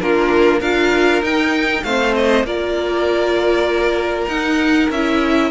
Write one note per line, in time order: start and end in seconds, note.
0.00 0.61 A#3
0.00 0.63 D4
0.00 0.60 F4
0.00 0.61 A#4
0.60 1.22 D4
0.60 1.23 F4
0.60 1.83 A#4
0.60 1.23 F5
1.22 1.84 D#4
1.22 1.85 D#4
1.22 1.84 G5
1.84 2.44 A3
1.84 2.47 C4
1.84 2.47 C5
1.84 2.15 F5
2.15 2.46 D#5
2.44 4.27 A#3
2.44 4.30 F4
2.44 5.52 A#4
2.44 4.28 D5
4.28 4.89 D#4
4.28 4.91 D#4
4.28 4.90 F#5
4.90 5.52 C#4
4.90 5.52 E4
4.90 5.52 E5